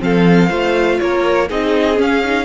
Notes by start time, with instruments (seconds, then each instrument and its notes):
0.00 cello F3, viola C4, violin A4 F5
0.49 cello A3, viola F4, violin C5
0.99 cello A#3, violin A#4 C#5
1.48 cello C4, viola D#4, violin G#4 D#5
1.95 viola C#4, cello C#4
2.01 violin F5
2.24 viola D#4